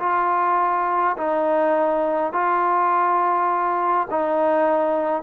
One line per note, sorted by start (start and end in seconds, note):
0.00 1.17 F4
1.18 2.33 D#4
2.33 4.08 F4
4.11 5.23 D#4